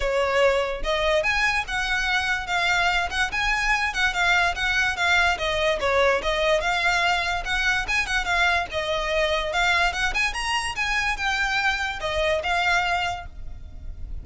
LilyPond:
\new Staff \with { instrumentName = "violin" } { \time 4/4 \tempo 4 = 145 cis''2 dis''4 gis''4 | fis''2 f''4. fis''8 | gis''4. fis''8 f''4 fis''4 | f''4 dis''4 cis''4 dis''4 |
f''2 fis''4 gis''8 fis''8 | f''4 dis''2 f''4 | fis''8 gis''8 ais''4 gis''4 g''4~ | g''4 dis''4 f''2 | }